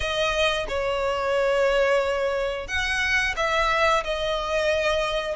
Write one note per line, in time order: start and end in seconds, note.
0.00 0.66 D#5
0.68 2.67 C#5
2.67 3.35 F#5
3.36 4.03 E5
4.04 5.35 D#5